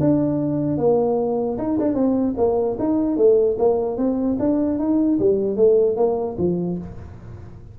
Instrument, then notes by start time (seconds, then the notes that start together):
tuba
0.00 D4
0.78 A#3
1.58 D#4
1.80 D4
1.95 C4
2.37 A#3
2.80 D#4
3.17 A3
3.59 A#3
3.97 C4
4.39 D4
4.79 D#4
5.19 G3
5.57 A3
5.97 A#3
6.38 F3